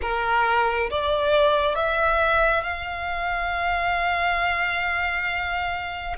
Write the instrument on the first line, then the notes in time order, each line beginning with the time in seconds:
violin
0.01 A#4
0.90 D5
1.75 E5
2.63 F5